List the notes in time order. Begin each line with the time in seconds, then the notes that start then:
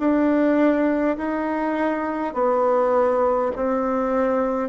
0.00 D4
1.18 D#4
2.34 B3
3.56 C4